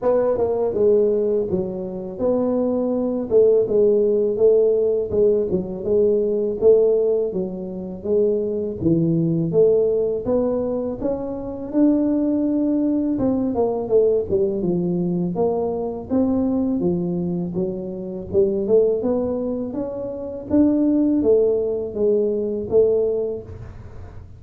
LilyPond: \new Staff \with { instrumentName = "tuba" } { \time 4/4 \tempo 4 = 82 b8 ais8 gis4 fis4 b4~ | b8 a8 gis4 a4 gis8 fis8 | gis4 a4 fis4 gis4 | e4 a4 b4 cis'4 |
d'2 c'8 ais8 a8 g8 | f4 ais4 c'4 f4 | fis4 g8 a8 b4 cis'4 | d'4 a4 gis4 a4 | }